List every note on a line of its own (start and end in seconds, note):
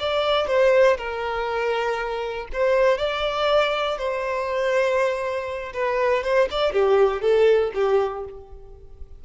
0.00 0.47 D5
0.47 0.97 C5
0.98 2.48 A#4
2.53 2.98 C5
2.98 3.98 D5
3.98 5.73 C5
5.74 6.24 B4
6.24 6.49 C5
6.51 6.73 D5
6.73 7.22 G4
7.22 7.72 A4
7.75 8.25 G4